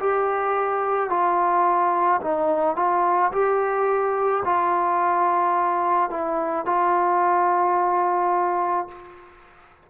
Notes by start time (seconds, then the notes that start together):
0.00 G4
1.10 F4
2.22 D#4
2.77 F4
3.32 G4
4.45 F4
6.11 E4
6.66 F4